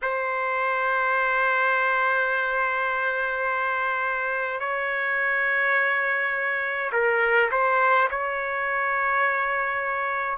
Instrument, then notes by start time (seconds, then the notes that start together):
trumpet
0.02 C5
4.59 C#5
6.92 A#4
7.51 C5
8.10 C#5